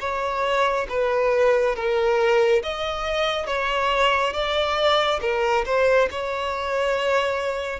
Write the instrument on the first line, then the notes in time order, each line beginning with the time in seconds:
violin
0.00 C#5
0.90 B4
1.76 A#4
2.63 D#5
3.47 C#5
4.34 D5
5.22 A#4
5.66 C5
6.11 C#5